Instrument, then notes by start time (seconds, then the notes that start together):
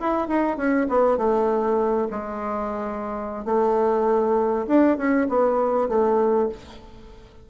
bassoon
0.00 E4
0.28 D#4
0.57 C#4
0.89 B3
1.17 A3
2.11 G#3
3.45 A3
4.67 D4
4.97 C#4
5.29 B3
5.88 A3